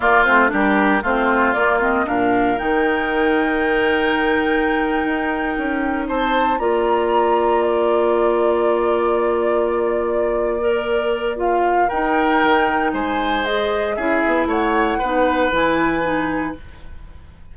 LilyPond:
<<
  \new Staff \with { instrumentName = "flute" } { \time 4/4 \tempo 4 = 116 d''8 c''8 ais'4 c''4 d''8 dis''8 | f''4 g''2.~ | g''2.~ g''8. a''16~ | a''8. ais''2 d''4~ d''16~ |
d''1~ | d''2 f''4 g''4~ | g''4 gis''4 dis''4 e''4 | fis''2 gis''2 | }
  \new Staff \with { instrumentName = "oboe" } { \time 4/4 f'4 g'4 f'2 | ais'1~ | ais'2.~ ais'8. c''16~ | c''8. d''2.~ d''16~ |
d''1~ | d''2. ais'4~ | ais'4 c''2 gis'4 | cis''4 b'2. | }
  \new Staff \with { instrumentName = "clarinet" } { \time 4/4 ais8 c'8 d'4 c'4 ais8 c'8 | d'4 dis'2.~ | dis'1~ | dis'8. f'2.~ f'16~ |
f'1~ | f'8 ais'4. f'4 dis'4~ | dis'2 gis'4 e'4~ | e'4 dis'4 e'4 dis'4 | }
  \new Staff \with { instrumentName = "bassoon" } { \time 4/4 ais8 a8 g4 a4 ais4 | ais,4 dis2.~ | dis4.~ dis16 dis'4 cis'4 c'16~ | c'8. ais2.~ ais16~ |
ais1~ | ais2. dis'4 | dis4 gis2 cis'8 b8 | a4 b4 e2 | }
>>